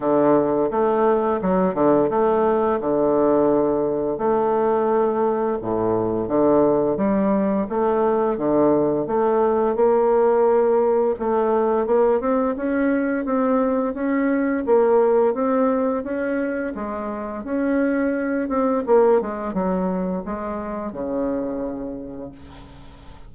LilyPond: \new Staff \with { instrumentName = "bassoon" } { \time 4/4 \tempo 4 = 86 d4 a4 fis8 d8 a4 | d2 a2 | a,4 d4 g4 a4 | d4 a4 ais2 |
a4 ais8 c'8 cis'4 c'4 | cis'4 ais4 c'4 cis'4 | gis4 cis'4. c'8 ais8 gis8 | fis4 gis4 cis2 | }